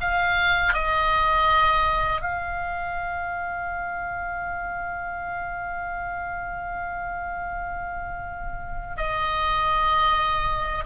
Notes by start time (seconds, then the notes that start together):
0.00 F5
0.73 D#5
2.21 F5
8.96 D#5